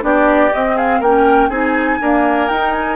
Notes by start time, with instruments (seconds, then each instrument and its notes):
0.00 bassoon B3, clarinet D4, oboe G4, flute D5
0.53 bassoon C4, clarinet C4, flute D#5
0.76 oboe G#4, flute F5
0.99 bassoon A#3, clarinet C#4, oboe A#4, flute G5
1.49 bassoon C4, clarinet D#4, oboe G#4, flute G#5
2.01 clarinet A#3, bassoon D4, oboe A#4
2.48 bassoon D#4, clarinet D#4, flute G5
2.71 flute G#5